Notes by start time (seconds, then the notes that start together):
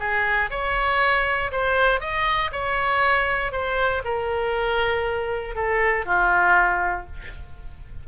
0.00 G#4
0.51 C#5
1.52 C5
2.01 D#5
2.52 C#5
3.52 C5
4.05 A#4
5.56 A4
6.06 F4